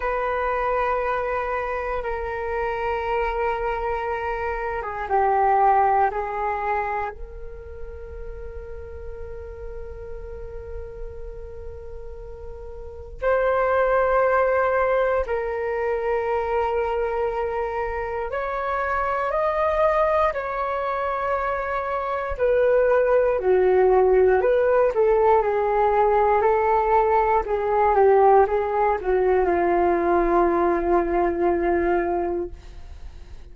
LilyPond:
\new Staff \with { instrumentName = "flute" } { \time 4/4 \tempo 4 = 59 b'2 ais'2~ | ais'8. gis'16 g'4 gis'4 ais'4~ | ais'1~ | ais'4 c''2 ais'4~ |
ais'2 cis''4 dis''4 | cis''2 b'4 fis'4 | b'8 a'8 gis'4 a'4 gis'8 g'8 | gis'8 fis'8 f'2. | }